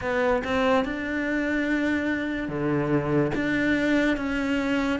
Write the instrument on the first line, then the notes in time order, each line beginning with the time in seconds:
cello
0.01 B3
0.44 C4
0.84 D4
2.48 D3
3.34 D4
4.16 C#4